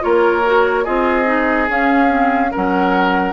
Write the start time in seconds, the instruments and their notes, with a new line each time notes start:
0.00 bassoon A#3, clarinet F4, oboe A#4, flute C#5
0.45 clarinet F#4
0.85 bassoon C4, clarinet F4, oboe G#4, flute D#5
1.25 clarinet D#4
1.69 bassoon C#4, clarinet C#4, flute F5
2.08 clarinet C4
2.51 bassoon F#3, clarinet C#4, oboe A#4, flute F#5